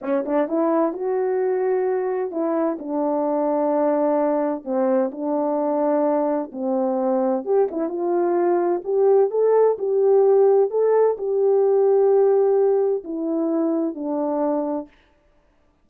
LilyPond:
\new Staff \with { instrumentName = "horn" } { \time 4/4 \tempo 4 = 129 cis'8 d'8 e'4 fis'2~ | fis'4 e'4 d'2~ | d'2 c'4 d'4~ | d'2 c'2 |
g'8 e'8 f'2 g'4 | a'4 g'2 a'4 | g'1 | e'2 d'2 | }